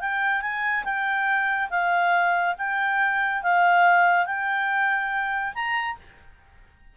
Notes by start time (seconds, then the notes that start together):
0.00 G5
0.41 G#5
0.84 G5
1.70 F5
2.57 G5
3.42 F5
4.26 G5
5.54 A#5